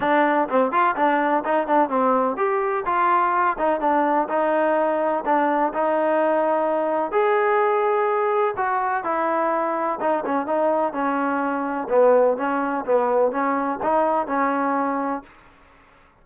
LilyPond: \new Staff \with { instrumentName = "trombone" } { \time 4/4 \tempo 4 = 126 d'4 c'8 f'8 d'4 dis'8 d'8 | c'4 g'4 f'4. dis'8 | d'4 dis'2 d'4 | dis'2. gis'4~ |
gis'2 fis'4 e'4~ | e'4 dis'8 cis'8 dis'4 cis'4~ | cis'4 b4 cis'4 b4 | cis'4 dis'4 cis'2 | }